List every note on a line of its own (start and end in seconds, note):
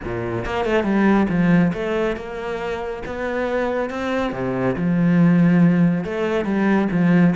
0.04 0.45 A#2
0.45 0.65 A#3
0.65 0.83 A3
0.83 1.26 G3
1.29 1.72 F3
1.73 2.16 A3
2.16 3.02 A#3
3.06 3.90 B3
3.90 4.32 C4
4.32 4.75 C3
4.76 6.04 F3
6.04 6.44 A3
6.44 6.88 G3
6.91 7.35 F3